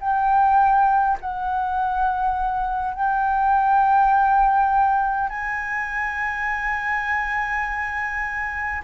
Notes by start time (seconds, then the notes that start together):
0.00 G5
1.20 F#5
2.94 G5
5.29 G#5